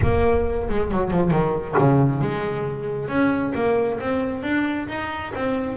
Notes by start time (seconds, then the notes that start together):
0.02 A#3
0.69 G#3
0.91 F#3
1.10 F3
1.31 D#3
1.78 C#3
2.21 G#3
3.08 C#4
3.55 A#3
4.00 C4
4.43 D4
4.88 D#4
5.34 C4